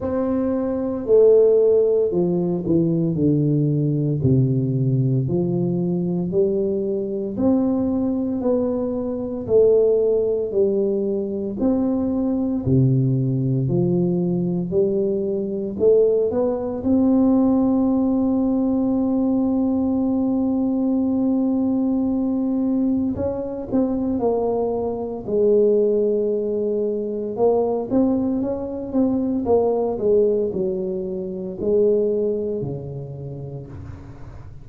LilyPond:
\new Staff \with { instrumentName = "tuba" } { \time 4/4 \tempo 4 = 57 c'4 a4 f8 e8 d4 | c4 f4 g4 c'4 | b4 a4 g4 c'4 | c4 f4 g4 a8 b8 |
c'1~ | c'2 cis'8 c'8 ais4 | gis2 ais8 c'8 cis'8 c'8 | ais8 gis8 fis4 gis4 cis4 | }